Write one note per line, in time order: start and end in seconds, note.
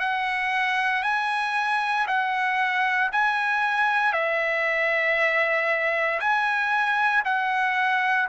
0.00 1.03 F#5
1.03 2.07 G#5
2.08 3.11 F#5
3.13 4.13 G#5
4.13 6.20 E5
6.20 7.24 G#5
7.26 8.29 F#5